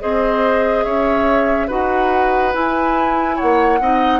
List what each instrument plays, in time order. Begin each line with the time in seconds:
0.00 bassoon C4, clarinet G#4, oboe C5, flute D#5
0.84 bassoon C#4, oboe C#5, flute E5
1.67 bassoon D#4, clarinet F#4, oboe B4, flute F#5
2.53 clarinet E4, bassoon E4, flute G#5
3.36 oboe C#5, flute F#5
3.42 bassoon A#3
3.80 bassoon C4, clarinet D#4, oboe D#5